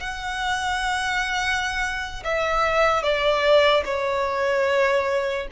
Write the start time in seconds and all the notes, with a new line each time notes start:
0.00 F#5
2.24 E5
3.02 D5
3.85 C#5